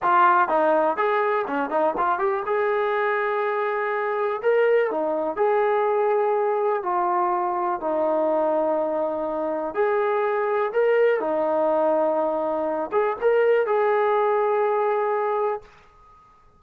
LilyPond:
\new Staff \with { instrumentName = "trombone" } { \time 4/4 \tempo 4 = 123 f'4 dis'4 gis'4 cis'8 dis'8 | f'8 g'8 gis'2.~ | gis'4 ais'4 dis'4 gis'4~ | gis'2 f'2 |
dis'1 | gis'2 ais'4 dis'4~ | dis'2~ dis'8 gis'8 ais'4 | gis'1 | }